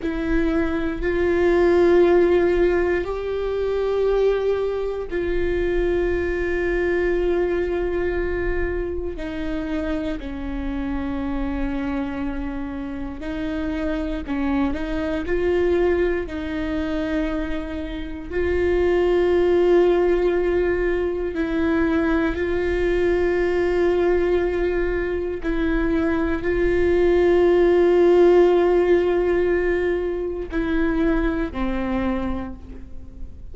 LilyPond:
\new Staff \with { instrumentName = "viola" } { \time 4/4 \tempo 4 = 59 e'4 f'2 g'4~ | g'4 f'2.~ | f'4 dis'4 cis'2~ | cis'4 dis'4 cis'8 dis'8 f'4 |
dis'2 f'2~ | f'4 e'4 f'2~ | f'4 e'4 f'2~ | f'2 e'4 c'4 | }